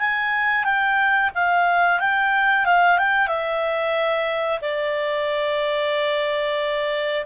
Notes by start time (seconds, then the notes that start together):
0.00 G#5
0.64 G5
1.35 F5
2.00 G5
2.66 F5
2.98 G5
3.28 E5
4.62 D5